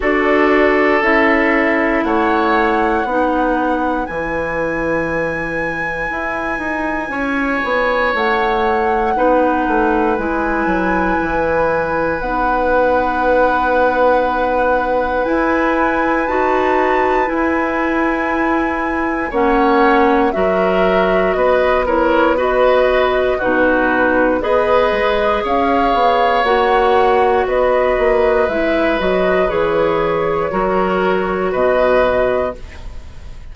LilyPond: <<
  \new Staff \with { instrumentName = "flute" } { \time 4/4 \tempo 4 = 59 d''4 e''4 fis''2 | gis''1 | fis''2 gis''2 | fis''2. gis''4 |
a''4 gis''2 fis''4 | e''4 dis''8 cis''8 dis''4 b'4 | dis''4 f''4 fis''4 dis''4 | e''8 dis''8 cis''2 dis''4 | }
  \new Staff \with { instrumentName = "oboe" } { \time 4/4 a'2 cis''4 b'4~ | b'2. cis''4~ | cis''4 b'2.~ | b'1~ |
b'2. cis''4 | ais'4 b'8 ais'8 b'4 fis'4 | b'4 cis''2 b'4~ | b'2 ais'4 b'4 | }
  \new Staff \with { instrumentName = "clarinet" } { \time 4/4 fis'4 e'2 dis'4 | e'1~ | e'4 dis'4 e'2 | dis'2. e'4 |
fis'4 e'2 cis'4 | fis'4. e'8 fis'4 dis'4 | gis'2 fis'2 | e'8 fis'8 gis'4 fis'2 | }
  \new Staff \with { instrumentName = "bassoon" } { \time 4/4 d'4 cis'4 a4 b4 | e2 e'8 dis'8 cis'8 b8 | a4 b8 a8 gis8 fis8 e4 | b2. e'4 |
dis'4 e'2 ais4 | fis4 b2 b,4 | b8 gis8 cis'8 b8 ais4 b8 ais8 | gis8 fis8 e4 fis4 b,4 | }
>>